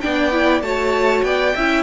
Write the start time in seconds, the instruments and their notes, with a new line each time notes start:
0.00 cello B3, viola D4, violin D5 G5
0.32 viola E4
0.61 cello A3, viola F#4, violin C#5 A5
1.23 cello B3, violin D5 G5
1.55 cello C#4, viola E4, violin E5